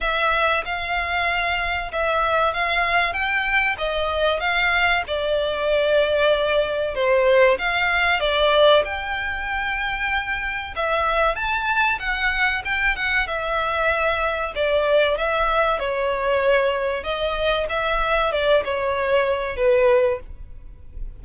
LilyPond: \new Staff \with { instrumentName = "violin" } { \time 4/4 \tempo 4 = 95 e''4 f''2 e''4 | f''4 g''4 dis''4 f''4 | d''2. c''4 | f''4 d''4 g''2~ |
g''4 e''4 a''4 fis''4 | g''8 fis''8 e''2 d''4 | e''4 cis''2 dis''4 | e''4 d''8 cis''4. b'4 | }